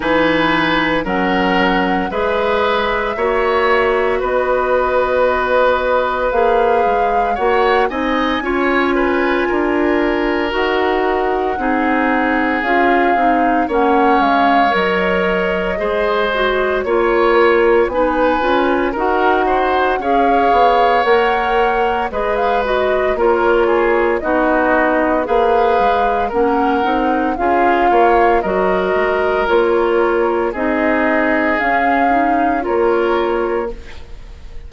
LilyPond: <<
  \new Staff \with { instrumentName = "flute" } { \time 4/4 \tempo 4 = 57 gis''4 fis''4 e''2 | dis''2 f''4 fis''8 gis''8~ | gis''2 fis''2 | f''4 fis''8 f''8 dis''2 |
cis''8 ais'8 gis''4 fis''4 f''4 | fis''4 dis''16 f''16 dis''8 cis''4 dis''4 | f''4 fis''4 f''4 dis''4 | cis''4 dis''4 f''4 cis''4 | }
  \new Staff \with { instrumentName = "oboe" } { \time 4/4 b'4 ais'4 b'4 cis''4 | b'2. cis''8 dis''8 | cis''8 b'8 ais'2 gis'4~ | gis'4 cis''2 c''4 |
cis''4 b'4 ais'8 c''8 cis''4~ | cis''4 b'4 ais'8 gis'8 fis'4 | b'4 ais'4 gis'8 cis''8 ais'4~ | ais'4 gis'2 ais'4 | }
  \new Staff \with { instrumentName = "clarinet" } { \time 4/4 dis'4 cis'4 gis'4 fis'4~ | fis'2 gis'4 fis'8 dis'8 | f'2 fis'4 dis'4 | f'8 dis'8 cis'4 ais'4 gis'8 fis'8 |
f'4 dis'8 f'8 fis'4 gis'4 | ais'4 gis'8 fis'8 f'4 dis'4 | gis'4 cis'8 dis'8 f'4 fis'4 | f'4 dis'4 cis'8 dis'8 f'4 | }
  \new Staff \with { instrumentName = "bassoon" } { \time 4/4 e4 fis4 gis4 ais4 | b2 ais8 gis8 ais8 c'8 | cis'4 d'4 dis'4 c'4 | cis'8 c'8 ais8 gis8 fis4 gis4 |
ais4 b8 cis'8 dis'4 cis'8 b8 | ais4 gis4 ais4 b4 | ais8 gis8 ais8 c'8 cis'8 ais8 fis8 gis8 | ais4 c'4 cis'4 ais4 | }
>>